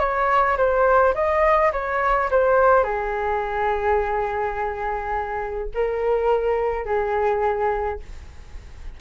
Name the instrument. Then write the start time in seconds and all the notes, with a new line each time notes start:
flute
0.00 C#5
0.57 C5
1.15 D#5
1.73 C#5
2.31 C5
2.84 G#4
5.75 A#4
6.85 G#4